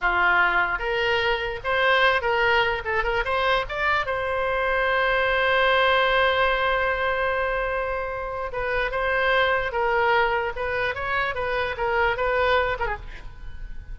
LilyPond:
\new Staff \with { instrumentName = "oboe" } { \time 4/4 \tempo 4 = 148 f'2 ais'2 | c''4. ais'4. a'8 ais'8 | c''4 d''4 c''2~ | c''1~ |
c''1~ | c''4 b'4 c''2 | ais'2 b'4 cis''4 | b'4 ais'4 b'4. ais'16 gis'16 | }